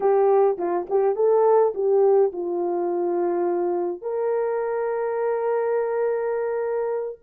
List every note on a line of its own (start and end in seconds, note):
0.00 0.57 G4
0.57 0.86 F4
0.89 1.15 G4
1.15 1.73 A4
1.74 2.32 G4
2.32 4.01 F4
4.01 7.19 A#4